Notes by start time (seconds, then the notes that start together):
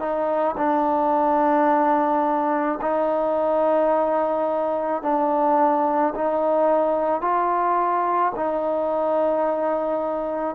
0.00 D#4
0.58 D4
2.82 D#4
5.03 D4
6.15 D#4
7.21 F4
8.36 D#4